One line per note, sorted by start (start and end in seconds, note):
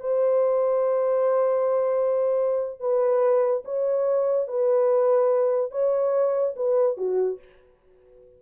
0.00 2.80 C5
2.80 3.63 B4
3.65 4.48 C#5
4.48 5.71 B4
5.71 6.55 C#5
6.56 6.97 B4
6.97 7.39 F#4